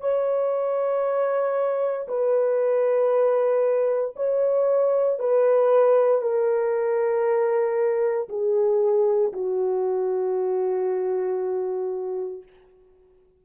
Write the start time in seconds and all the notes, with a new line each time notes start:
0.00 C#5
2.08 B4
4.15 C#5
5.19 B4
6.21 A#4
8.29 G#4
9.32 F#4